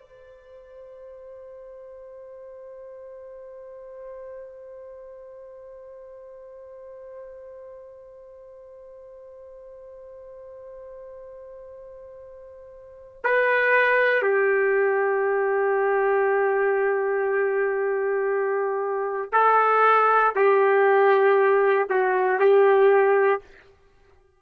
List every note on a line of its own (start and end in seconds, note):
0.00 13.22 C5
13.24 14.22 B4
14.22 19.31 G4
19.33 20.34 A4
20.36 21.88 G4
21.90 22.40 F#4
22.40 23.42 G4